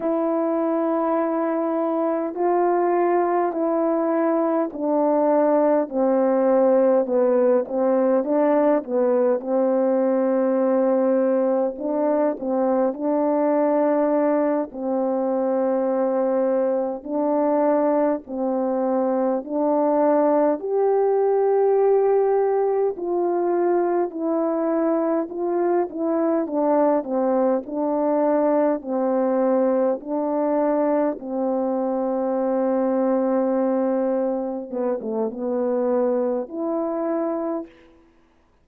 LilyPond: \new Staff \with { instrumentName = "horn" } { \time 4/4 \tempo 4 = 51 e'2 f'4 e'4 | d'4 c'4 b8 c'8 d'8 b8 | c'2 d'8 c'8 d'4~ | d'8 c'2 d'4 c'8~ |
c'8 d'4 g'2 f'8~ | f'8 e'4 f'8 e'8 d'8 c'8 d'8~ | d'8 c'4 d'4 c'4.~ | c'4. b16 a16 b4 e'4 | }